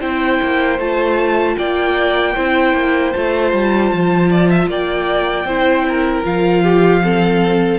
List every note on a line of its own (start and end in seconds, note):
0.00 0.40 C4
0.00 0.79 E4
0.00 1.56 C5
0.00 0.80 G5
0.42 0.79 A#3
0.79 1.57 A3
0.79 2.36 F4
0.79 1.58 A5
1.58 2.37 A#3
1.58 2.34 D5
1.58 3.13 G5
2.34 2.74 C4
2.34 3.14 E4
2.34 4.29 C5
2.74 3.13 A#3
3.13 3.53 A3
3.13 5.48 F4
3.13 4.69 A5
3.53 3.92 G3
3.93 4.68 F3
4.31 4.50 D5
4.50 4.69 E5
4.68 5.45 A#3
4.68 5.47 D5
4.68 6.25 G5
5.45 6.23 C4
5.45 6.25 E4
5.45 5.86 C5
5.89 6.63 A#4
6.25 7.80 F3
6.25 7.02 F4
6.25 7.80 F5
6.63 7.02 G4
7.04 7.80 C4
7.04 7.80 A4